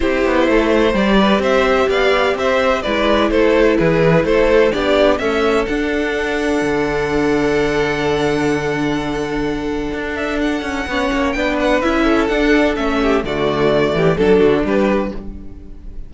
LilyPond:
<<
  \new Staff \with { instrumentName = "violin" } { \time 4/4 \tempo 4 = 127 c''2 d''4 e''4 | f''4 e''4 d''4 c''4 | b'4 c''4 d''4 e''4 | fis''1~ |
fis''1~ | fis''4. e''8 fis''2 | g''8 fis''8 e''4 fis''4 e''4 | d''2 a'4 b'4 | }
  \new Staff \with { instrumentName = "violin" } { \time 4/4 g'4 a'8 c''4 b'8 c''4 | d''4 c''4 b'4 a'4 | gis'4 a'4 g'4 a'4~ | a'1~ |
a'1~ | a'2. cis''4 | b'4. a'2 g'8 | fis'4. g'8 a'8 fis'8 g'4 | }
  \new Staff \with { instrumentName = "viola" } { \time 4/4 e'2 g'2~ | g'2 e'2~ | e'2 d'4 a4 | d'1~ |
d'1~ | d'2. cis'4 | d'4 e'4 d'4 cis'4 | a2 d'2 | }
  \new Staff \with { instrumentName = "cello" } { \time 4/4 c'8 b8 a4 g4 c'4 | b4 c'4 gis4 a4 | e4 a4 b4 cis'4 | d'2 d2~ |
d1~ | d4 d'4. cis'8 b8 ais8 | b4 cis'4 d'4 a4 | d4. e8 fis8 d8 g4 | }
>>